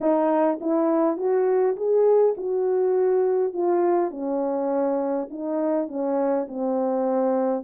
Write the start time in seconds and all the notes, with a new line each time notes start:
0.00 D#4
0.60 E4
1.17 F#4
1.76 G#4
2.37 F#4
3.53 F4
4.10 C#4
5.30 D#4
5.88 C#4
6.48 C4